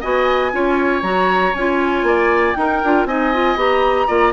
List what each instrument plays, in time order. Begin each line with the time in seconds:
0.00 bassoon B3, clarinet F#4, oboe D#5, flute G#5
0.51 bassoon C#4, clarinet F4, oboe C#5
1.02 bassoon F#3, clarinet F#4, flute A#5
1.53 bassoon C#4, clarinet F4, flute G#5
2.02 bassoon A#3, oboe D5
2.54 clarinet D#4, bassoon D#4, oboe A#4, flute G5
2.84 bassoon D4, clarinet F4
3.05 bassoon C4, clarinet D#4, oboe D#5, flute G#5
3.33 clarinet F4
3.55 bassoon B3, clarinet G4, flute A#5
4.07 bassoon A#3, clarinet F4, oboe D5